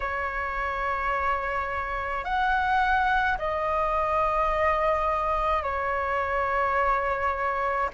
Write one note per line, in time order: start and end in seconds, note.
0.00 2.24 C#5
2.24 3.37 F#5
3.38 5.62 D#5
5.62 7.89 C#5